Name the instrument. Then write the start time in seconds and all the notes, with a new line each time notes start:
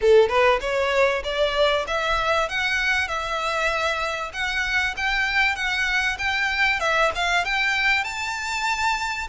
violin
0.01 A4
0.28 B4
0.60 C#5
1.23 D5
1.87 E5
2.48 F#5
3.08 E5
4.33 F#5
4.96 G5
5.55 F#5
6.18 G5
6.80 E5
7.15 F5
7.44 G5
8.04 A5